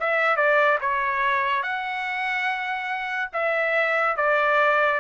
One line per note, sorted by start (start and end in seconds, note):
0.00 0.37 E5
0.37 0.79 D5
0.81 1.63 C#5
1.63 3.31 F#5
3.33 4.17 E5
4.17 5.00 D5